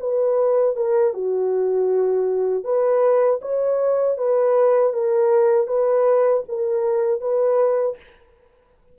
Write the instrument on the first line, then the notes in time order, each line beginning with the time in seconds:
horn
0.00 B4
0.76 A#4
1.14 F#4
2.64 B4
3.42 C#5
4.17 B4
4.93 A#4
5.67 B4
6.48 A#4
7.21 B4